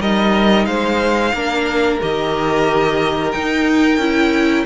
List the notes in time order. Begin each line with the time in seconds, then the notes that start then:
0.00 G3 D#4 A#4 D#5
0.65 G#3 C5 F5
1.33 A#3 D4 A#4
2.01 D#3 G4 D#5
3.32 D#4 G5
3.98 C#4 E4